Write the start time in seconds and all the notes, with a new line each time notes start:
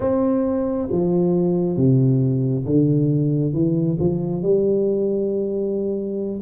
0.00 C4
0.91 F3
1.76 C3
2.65 D3
3.53 E3
3.99 F3
4.42 G3